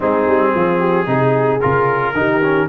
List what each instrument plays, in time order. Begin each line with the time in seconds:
0.00 tuba G#3, trombone C4, horn D#4, trumpet G#4
0.26 tuba G3
0.54 tuba F3, horn F4
0.78 horn G4
1.06 tuba C3, trombone D#4, horn G#4
1.60 tuba C#3, trombone F4, trumpet A#4
2.13 tuba D#3, trombone D#4, horn G4
2.43 trombone C#4